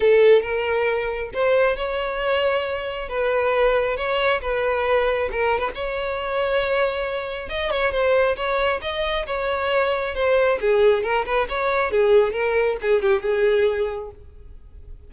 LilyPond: \new Staff \with { instrumentName = "violin" } { \time 4/4 \tempo 4 = 136 a'4 ais'2 c''4 | cis''2. b'4~ | b'4 cis''4 b'2 | ais'8. b'16 cis''2.~ |
cis''4 dis''8 cis''8 c''4 cis''4 | dis''4 cis''2 c''4 | gis'4 ais'8 b'8 cis''4 gis'4 | ais'4 gis'8 g'8 gis'2 | }